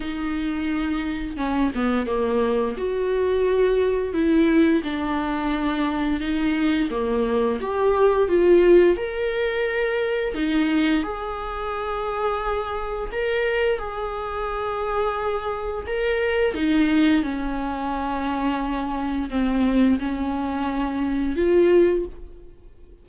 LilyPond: \new Staff \with { instrumentName = "viola" } { \time 4/4 \tempo 4 = 87 dis'2 cis'8 b8 ais4 | fis'2 e'4 d'4~ | d'4 dis'4 ais4 g'4 | f'4 ais'2 dis'4 |
gis'2. ais'4 | gis'2. ais'4 | dis'4 cis'2. | c'4 cis'2 f'4 | }